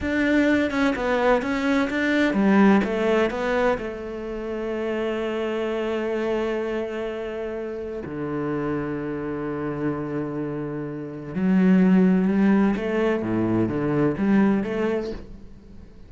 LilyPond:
\new Staff \with { instrumentName = "cello" } { \time 4/4 \tempo 4 = 127 d'4. cis'8 b4 cis'4 | d'4 g4 a4 b4 | a1~ | a1~ |
a4 d2.~ | d1 | fis2 g4 a4 | a,4 d4 g4 a4 | }